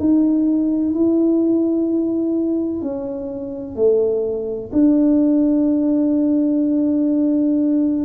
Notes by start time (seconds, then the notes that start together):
0.00 D#4
0.95 E4
2.82 C#4
3.76 A3
4.73 D4